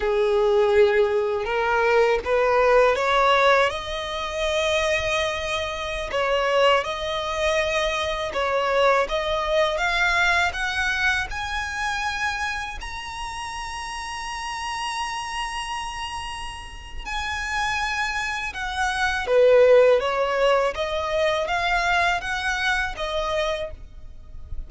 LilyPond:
\new Staff \with { instrumentName = "violin" } { \time 4/4 \tempo 4 = 81 gis'2 ais'4 b'4 | cis''4 dis''2.~ | dis''16 cis''4 dis''2 cis''8.~ | cis''16 dis''4 f''4 fis''4 gis''8.~ |
gis''4~ gis''16 ais''2~ ais''8.~ | ais''2. gis''4~ | gis''4 fis''4 b'4 cis''4 | dis''4 f''4 fis''4 dis''4 | }